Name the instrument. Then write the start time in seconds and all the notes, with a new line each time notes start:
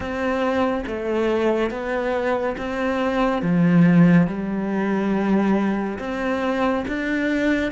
cello
0.00 C4
0.86 A3
1.70 B3
2.57 C4
3.42 F3
4.27 G3
5.98 C4
6.87 D4